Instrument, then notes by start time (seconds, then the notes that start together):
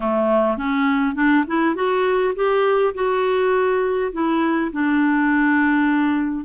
clarinet
0.00 A3
0.57 C#4
1.15 D4
1.47 E4
1.75 F#4
2.35 G4
2.94 F#4
4.12 E4
4.71 D4